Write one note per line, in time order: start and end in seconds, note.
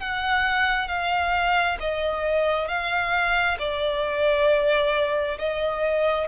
0.00 0.88 F#5
0.88 1.77 F5
1.80 2.68 D#5
2.68 3.57 F5
3.59 5.38 D5
5.38 6.28 D#5